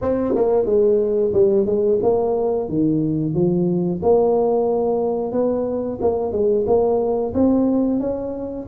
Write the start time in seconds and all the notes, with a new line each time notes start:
0.01 C4
0.35 A#3
0.65 G#3
1.33 G3
1.65 G#3
2.02 A#3
2.68 D#3
3.34 F3
4.02 A#3
5.32 B3
6.01 A#3
6.32 G#3
6.66 A#3
7.33 C4
8.00 C#4